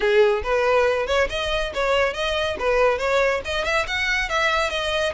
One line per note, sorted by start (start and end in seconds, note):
0.00 0.42 G#4
0.43 1.06 B4
1.06 1.28 C#5
1.29 1.72 D#5
1.74 2.13 C#5
2.13 2.56 D#5
2.59 2.98 B4
2.98 3.41 C#5
3.45 3.64 D#5
3.64 3.86 E5
3.87 4.29 F#5
4.29 4.70 E5
4.70 5.13 D#5